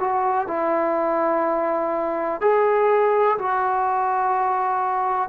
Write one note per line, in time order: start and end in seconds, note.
0.00 0.48 F#4
0.48 2.41 E4
2.41 3.38 G#4
3.38 5.29 F#4